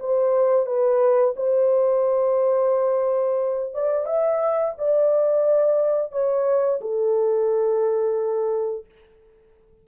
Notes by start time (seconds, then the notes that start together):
0.00 C5
0.66 B4
1.37 C5
3.74 D5
4.06 E5
4.78 D5
6.12 C#5
6.81 A4